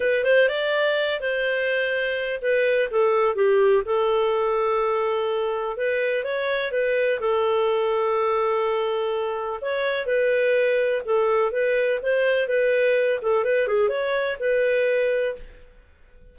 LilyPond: \new Staff \with { instrumentName = "clarinet" } { \time 4/4 \tempo 4 = 125 b'8 c''8 d''4. c''4.~ | c''4 b'4 a'4 g'4 | a'1 | b'4 cis''4 b'4 a'4~ |
a'1 | cis''4 b'2 a'4 | b'4 c''4 b'4. a'8 | b'8 gis'8 cis''4 b'2 | }